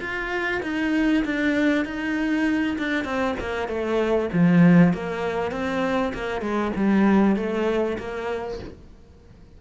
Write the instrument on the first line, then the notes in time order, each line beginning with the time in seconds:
cello
0.00 F4
0.63 D#4
1.25 D4
1.85 D#4
2.78 D4
3.04 C4
3.40 A#3
3.68 A3
4.33 F3
4.93 A#3
5.51 C4
6.14 A#3
6.41 G#3
6.76 G3
7.36 A3
7.98 A#3